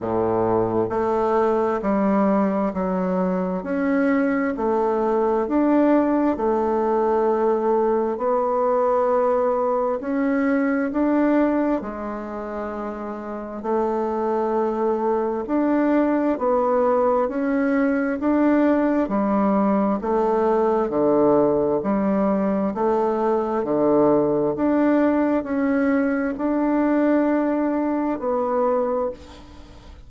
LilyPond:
\new Staff \with { instrumentName = "bassoon" } { \time 4/4 \tempo 4 = 66 a,4 a4 g4 fis4 | cis'4 a4 d'4 a4~ | a4 b2 cis'4 | d'4 gis2 a4~ |
a4 d'4 b4 cis'4 | d'4 g4 a4 d4 | g4 a4 d4 d'4 | cis'4 d'2 b4 | }